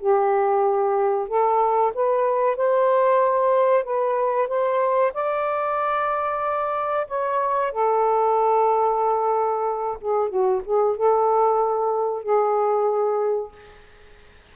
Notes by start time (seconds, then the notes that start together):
0.00 G4
1.28 A4
1.95 B4
2.57 C5
3.84 B4
4.49 C5
5.14 D5
7.08 C#5
7.72 A4
10.01 G#4
10.30 F#4
10.65 G#4
10.97 A4
12.23 G#4